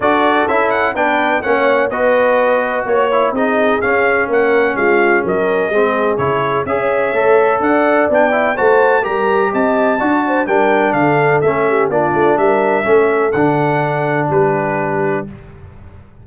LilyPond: <<
  \new Staff \with { instrumentName = "trumpet" } { \time 4/4 \tempo 4 = 126 d''4 e''8 fis''8 g''4 fis''4 | dis''2 cis''4 dis''4 | f''4 fis''4 f''4 dis''4~ | dis''4 cis''4 e''2 |
fis''4 g''4 a''4 ais''4 | a''2 g''4 f''4 | e''4 d''4 e''2 | fis''2 b'2 | }
  \new Staff \with { instrumentName = "horn" } { \time 4/4 a'2 b'4 cis''4 | b'2 cis''4 gis'4~ | gis'4 ais'4 f'4 ais'4 | gis'2 cis''2 |
d''2 c''4 ais'4 | dis''4 d''8 c''8 ais'4 a'4~ | a'8 g'8 f'4 ais'4 a'4~ | a'2 g'2 | }
  \new Staff \with { instrumentName = "trombone" } { \time 4/4 fis'4 e'4 d'4 cis'4 | fis'2~ fis'8 e'8 dis'4 | cis'1 | c'4 e'4 gis'4 a'4~ |
a'4 d'8 e'8 fis'4 g'4~ | g'4 fis'4 d'2 | cis'4 d'2 cis'4 | d'1 | }
  \new Staff \with { instrumentName = "tuba" } { \time 4/4 d'4 cis'4 b4 ais4 | b2 ais4 c'4 | cis'4 ais4 gis4 fis4 | gis4 cis4 cis'4 a4 |
d'4 b4 a4 g4 | c'4 d'4 g4 d4 | a4 ais8 a8 g4 a4 | d2 g2 | }
>>